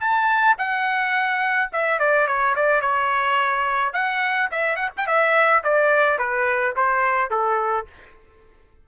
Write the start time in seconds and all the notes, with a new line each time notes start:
0.00 A5
0.58 F#5
1.72 E5
1.99 D5
2.27 C#5
2.56 D5
2.81 C#5
3.93 F#5
4.51 E5
4.76 F#5
4.97 G5
5.07 E5
5.64 D5
6.19 B4
6.76 C5
7.30 A4